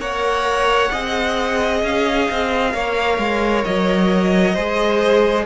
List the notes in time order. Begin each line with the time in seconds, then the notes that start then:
0.00 A#3 A#4 C#5 F#5
0.92 C4 G#4 D#5
1.83 C#4 F5
2.31 C4
2.73 A#3 A#4 C#5
3.18 G#3
3.64 F#3 D#5
4.54 G#3 G#4 C5